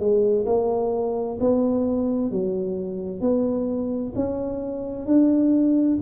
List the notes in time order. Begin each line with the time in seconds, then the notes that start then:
0.00 G#3
0.46 A#3
1.40 B3
2.31 F#3
3.21 B3
4.15 C#4
5.06 D4